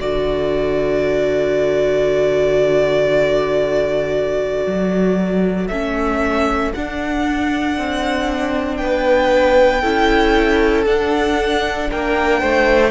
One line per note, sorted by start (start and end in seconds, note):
0.00 4.66 D3
0.00 5.69 F#4
0.00 8.79 A4
0.00 5.68 D5
4.67 5.70 F#3
5.68 6.73 A3
5.68 6.75 C#4
5.68 6.72 E5
6.74 7.78 D4
6.74 9.83 D4
6.74 8.77 F#5
7.78 8.80 C4
8.77 9.84 B3
8.77 9.82 B4
8.77 10.84 G5
9.82 10.87 C#4
9.82 10.87 E4
9.82 11.89 A4
10.87 11.90 D4
10.87 12.91 D4
10.87 11.91 F#5
11.91 12.43 A#3
11.91 12.41 A#4
11.91 12.91 G5
12.41 12.91 A3
12.41 12.91 C5